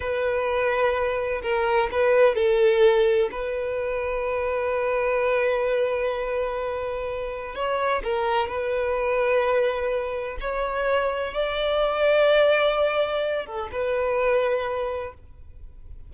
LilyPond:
\new Staff \with { instrumentName = "violin" } { \time 4/4 \tempo 4 = 127 b'2. ais'4 | b'4 a'2 b'4~ | b'1~ | b'1 |
cis''4 ais'4 b'2~ | b'2 cis''2 | d''1~ | d''8 a'8 b'2. | }